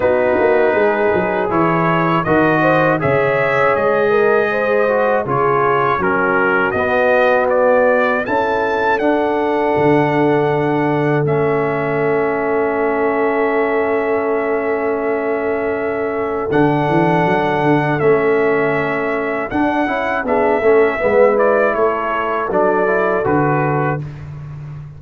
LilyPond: <<
  \new Staff \with { instrumentName = "trumpet" } { \time 4/4 \tempo 4 = 80 b'2 cis''4 dis''4 | e''4 dis''2 cis''4 | ais'4 dis''4 d''4 a''4 | fis''2. e''4~ |
e''1~ | e''2 fis''2 | e''2 fis''4 e''4~ | e''8 d''8 cis''4 d''4 b'4 | }
  \new Staff \with { instrumentName = "horn" } { \time 4/4 fis'4 gis'2 ais'8 c''8 | cis''4. ais'8 c''4 gis'4 | fis'2. a'4~ | a'1~ |
a'1~ | a'1~ | a'2. gis'8 a'8 | b'4 a'2. | }
  \new Staff \with { instrumentName = "trombone" } { \time 4/4 dis'2 e'4 fis'4 | gis'2~ gis'8 fis'8 f'4 | cis'4 b2 e'4 | d'2. cis'4~ |
cis'1~ | cis'2 d'2 | cis'2 d'8 e'8 d'8 cis'8 | b8 e'4. d'8 e'8 fis'4 | }
  \new Staff \with { instrumentName = "tuba" } { \time 4/4 b8 ais8 gis8 fis8 e4 dis4 | cis4 gis2 cis4 | fis4 b2 cis'4 | d'4 d2 a4~ |
a1~ | a2 d8 e8 fis8 d8 | a2 d'8 cis'8 b8 a8 | gis4 a4 fis4 d4 | }
>>